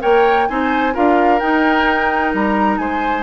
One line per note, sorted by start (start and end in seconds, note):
0.00 0.49 A#3
0.00 0.47 A#4
0.00 0.48 C#5
0.00 0.48 G5
0.48 0.96 C4
0.48 0.94 D#4
0.48 0.94 C5
0.48 0.95 G#5
0.94 1.42 D4
0.94 1.40 F4
0.94 2.80 A#4
0.94 1.40 F5
1.40 3.23 D#4
1.40 2.34 D#4
1.40 2.33 G5
2.34 2.79 G3
2.34 2.78 A#5
2.78 3.23 G#3
2.78 3.23 C5
2.78 3.23 G#5